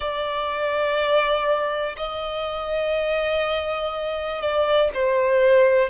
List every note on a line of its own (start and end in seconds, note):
0.00 1.95 D5
1.97 4.41 D#5
4.41 4.90 D5
4.94 5.89 C5